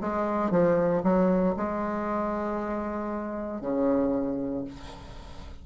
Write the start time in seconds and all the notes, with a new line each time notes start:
0.00 G#3
0.50 F3
1.03 F#3
1.56 G#3
3.61 C#3